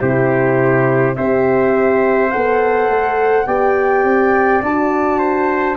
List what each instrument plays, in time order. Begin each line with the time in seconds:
0.00 tuba C3, horn E4, trumpet G4, flute C5
1.16 tuba C4, horn G4, trumpet C5, flute E5
2.31 tuba B3, horn A4, flute F#5
2.88 tuba A3
3.47 tuba B3, horn G4, trumpet D5, flute G5
4.04 tuba C4
4.62 tuba D4, horn F#4, flute A5
5.19 trumpet C5